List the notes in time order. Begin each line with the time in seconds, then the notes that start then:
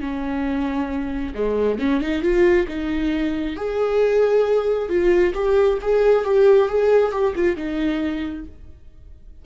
0.00 C#4
1.34 G#3
1.79 C#4
2.01 D#4
2.22 F4
2.67 D#4
3.56 G#4
4.89 F4
5.34 G4
5.81 G#4
6.24 G4
6.69 G#4
7.12 G4
7.35 F4
7.56 D#4